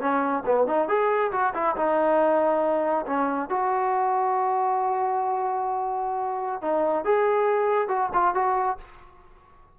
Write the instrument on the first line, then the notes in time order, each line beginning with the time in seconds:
trombone
0.00 C#4
0.46 B3
0.67 D#4
0.88 G#4
1.32 F#4
1.54 E4
1.76 D#4
3.06 C#4
3.49 F#4
6.62 D#4
7.04 G#4
7.88 F#4
8.13 F4
8.34 F#4